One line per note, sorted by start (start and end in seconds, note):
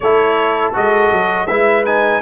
0.00 0.75 A3
0.00 0.73 E4
0.00 1.47 A4
0.00 0.72 C#5
0.73 1.12 G#3
0.73 1.47 F#4
0.73 1.46 D#5
1.12 1.47 F#3
1.46 2.21 G#3
1.46 1.85 E4
1.46 2.21 B4
1.46 1.83 E5
1.85 2.21 D#4
1.85 2.21 G#5